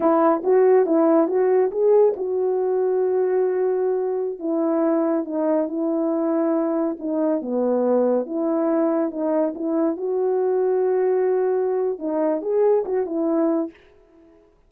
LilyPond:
\new Staff \with { instrumentName = "horn" } { \time 4/4 \tempo 4 = 140 e'4 fis'4 e'4 fis'4 | gis'4 fis'2.~ | fis'2~ fis'16 e'4.~ e'16~ | e'16 dis'4 e'2~ e'8.~ |
e'16 dis'4 b2 e'8.~ | e'4~ e'16 dis'4 e'4 fis'8.~ | fis'1 | dis'4 gis'4 fis'8 e'4. | }